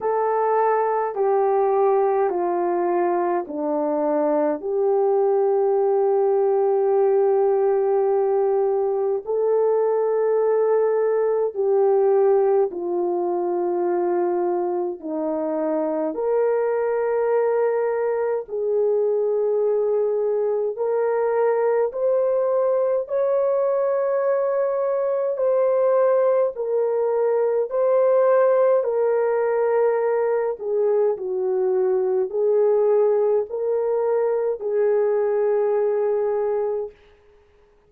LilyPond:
\new Staff \with { instrumentName = "horn" } { \time 4/4 \tempo 4 = 52 a'4 g'4 f'4 d'4 | g'1 | a'2 g'4 f'4~ | f'4 dis'4 ais'2 |
gis'2 ais'4 c''4 | cis''2 c''4 ais'4 | c''4 ais'4. gis'8 fis'4 | gis'4 ais'4 gis'2 | }